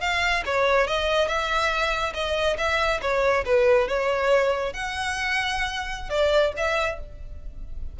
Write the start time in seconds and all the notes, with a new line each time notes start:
0.00 F5
0.45 C#5
0.87 D#5
1.27 E5
2.14 D#5
2.57 E5
3.01 C#5
3.45 B4
3.88 C#5
4.73 F#5
6.09 D5
6.56 E5